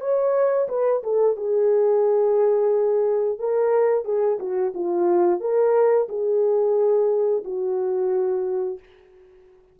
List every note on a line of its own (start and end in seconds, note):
0.00 0.67 C#5
0.68 1.02 B4
1.03 1.36 A4
1.36 3.38 G#4
3.38 4.04 A#4
4.04 4.38 G#4
4.39 4.73 F#4
4.74 5.40 F4
5.40 6.07 A#4
6.08 7.43 G#4
7.44 8.79 F#4